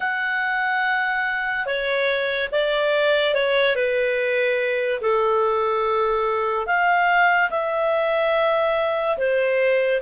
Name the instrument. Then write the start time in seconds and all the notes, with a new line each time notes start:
clarinet
0.00 F#5
1.66 C#5
2.51 D5
3.34 C#5
3.75 B4
5.01 A4
6.66 F5
7.50 E5
9.17 C5